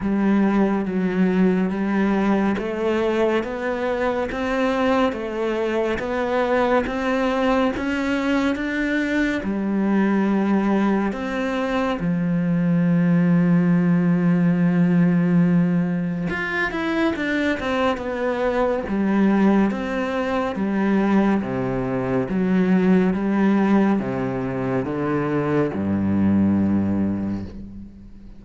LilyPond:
\new Staff \with { instrumentName = "cello" } { \time 4/4 \tempo 4 = 70 g4 fis4 g4 a4 | b4 c'4 a4 b4 | c'4 cis'4 d'4 g4~ | g4 c'4 f2~ |
f2. f'8 e'8 | d'8 c'8 b4 g4 c'4 | g4 c4 fis4 g4 | c4 d4 g,2 | }